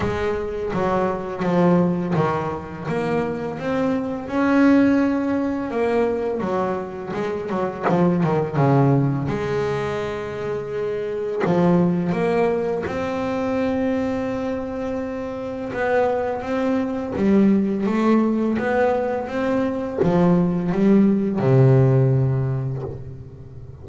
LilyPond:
\new Staff \with { instrumentName = "double bass" } { \time 4/4 \tempo 4 = 84 gis4 fis4 f4 dis4 | ais4 c'4 cis'2 | ais4 fis4 gis8 fis8 f8 dis8 | cis4 gis2. |
f4 ais4 c'2~ | c'2 b4 c'4 | g4 a4 b4 c'4 | f4 g4 c2 | }